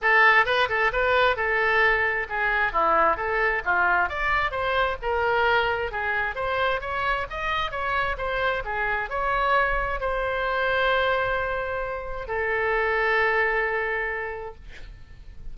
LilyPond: \new Staff \with { instrumentName = "oboe" } { \time 4/4 \tempo 4 = 132 a'4 b'8 a'8 b'4 a'4~ | a'4 gis'4 e'4 a'4 | f'4 d''4 c''4 ais'4~ | ais'4 gis'4 c''4 cis''4 |
dis''4 cis''4 c''4 gis'4 | cis''2 c''2~ | c''2. a'4~ | a'1 | }